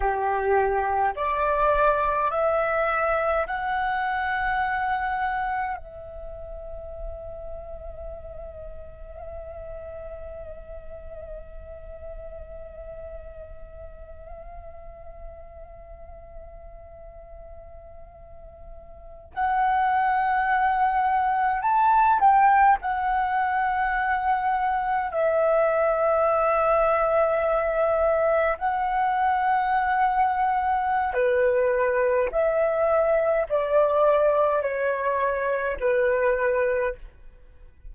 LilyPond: \new Staff \with { instrumentName = "flute" } { \time 4/4 \tempo 4 = 52 g'4 d''4 e''4 fis''4~ | fis''4 e''2.~ | e''1~ | e''1~ |
e''8. fis''2 a''8 g''8 fis''16~ | fis''4.~ fis''16 e''2~ e''16~ | e''8. fis''2~ fis''16 b'4 | e''4 d''4 cis''4 b'4 | }